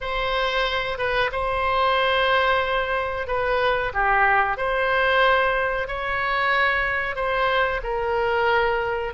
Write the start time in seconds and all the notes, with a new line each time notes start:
0.00 C5
0.98 B4
1.32 C5
3.27 B4
3.93 G4
4.57 C5
5.87 C#5
7.15 C5
7.83 A#4